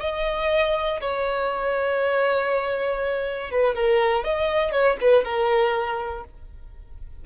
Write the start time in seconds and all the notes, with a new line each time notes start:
0.00 D#5
1.00 C#5
3.50 B4
3.75 A#4
4.24 D#5
4.72 C#5
5.00 B4
5.24 A#4